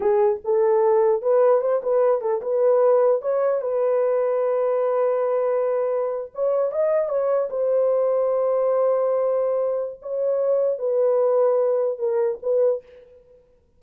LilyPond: \new Staff \with { instrumentName = "horn" } { \time 4/4 \tempo 4 = 150 gis'4 a'2 b'4 | c''8 b'4 a'8 b'2 | cis''4 b'2.~ | b'2.~ b'8. cis''16~ |
cis''8. dis''4 cis''4 c''4~ c''16~ | c''1~ | c''4 cis''2 b'4~ | b'2 ais'4 b'4 | }